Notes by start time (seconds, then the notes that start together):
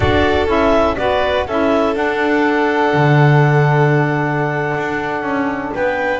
0.00 D4 F#4 A4 D5
0.46 C#4 E4 E5
0.96 B3 F#4 B4 D5
1.47 C#4 E4 A4 E5
1.94 D4 F#5
2.93 D3
4.76 D4
5.22 C#4
5.74 B3 B4 G5